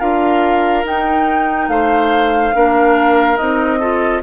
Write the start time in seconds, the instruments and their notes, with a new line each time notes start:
0.00 bassoon D4, clarinet F4, oboe A#4, flute F5
0.84 clarinet D#4, bassoon D#4, flute G5
1.68 bassoon A3, oboe C5, flute F5
2.54 bassoon A#3, clarinet D4, oboe A#4
3.37 bassoon C4, clarinet D#4, flute D#5
3.80 clarinet F4, oboe A4